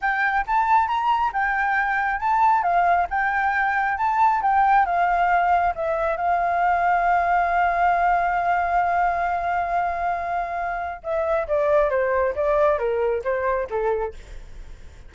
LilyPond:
\new Staff \with { instrumentName = "flute" } { \time 4/4 \tempo 4 = 136 g''4 a''4 ais''4 g''4~ | g''4 a''4 f''4 g''4~ | g''4 a''4 g''4 f''4~ | f''4 e''4 f''2~ |
f''1~ | f''1~ | f''4 e''4 d''4 c''4 | d''4 ais'4 c''4 a'4 | }